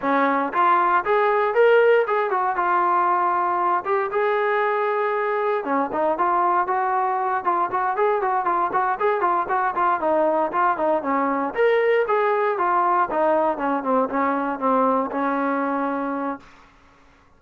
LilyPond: \new Staff \with { instrumentName = "trombone" } { \time 4/4 \tempo 4 = 117 cis'4 f'4 gis'4 ais'4 | gis'8 fis'8 f'2~ f'8 g'8 | gis'2. cis'8 dis'8 | f'4 fis'4. f'8 fis'8 gis'8 |
fis'8 f'8 fis'8 gis'8 f'8 fis'8 f'8 dis'8~ | dis'8 f'8 dis'8 cis'4 ais'4 gis'8~ | gis'8 f'4 dis'4 cis'8 c'8 cis'8~ | cis'8 c'4 cis'2~ cis'8 | }